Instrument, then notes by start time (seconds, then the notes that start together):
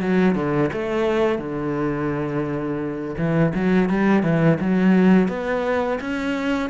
cello
0.00 F#3
0.35 D3
0.72 A3
1.38 D3
3.17 E3
3.54 F#3
3.89 G3
4.23 E3
4.60 F#3
5.28 B3
6.00 C#4